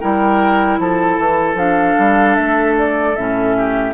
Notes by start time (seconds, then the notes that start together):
0.00 G3 E4 A#4 G5
0.79 F3 A4 A5
1.18 E3
1.55 F3 D4 F5
1.98 G3
2.36 A3 E5
2.79 D5
3.16 A2 C#4 E5
3.58 G4